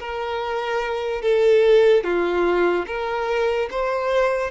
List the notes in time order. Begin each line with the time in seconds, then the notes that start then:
0.00 A#4
1.22 A4
2.04 F4
2.87 A#4
3.71 C5